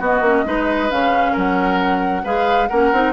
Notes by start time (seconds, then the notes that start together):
0.00 B3 F#4 D#5
0.21 A#3 C#4
0.45 G#3 D#4 B4
0.90 C#3 C#4 F5
1.32 F#3 A#4 F#5
2.24 G#3 G#4 B4 F5
2.68 A#3 C#4 A#4 F#5
2.93 C4 D#4